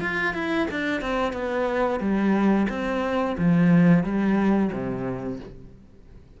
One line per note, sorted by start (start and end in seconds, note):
0.00 0.34 F4
0.34 0.67 E4
0.70 1.01 D4
1.01 1.32 C4
1.32 1.99 B3
1.99 2.67 G3
2.69 3.36 C4
3.38 4.03 F3
4.03 4.70 G3
4.72 5.39 C3